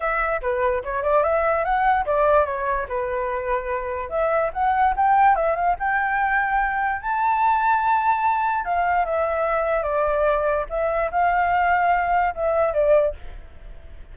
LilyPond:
\new Staff \with { instrumentName = "flute" } { \time 4/4 \tempo 4 = 146 e''4 b'4 cis''8 d''8 e''4 | fis''4 d''4 cis''4 b'4~ | b'2 e''4 fis''4 | g''4 e''8 f''8 g''2~ |
g''4 a''2.~ | a''4 f''4 e''2 | d''2 e''4 f''4~ | f''2 e''4 d''4 | }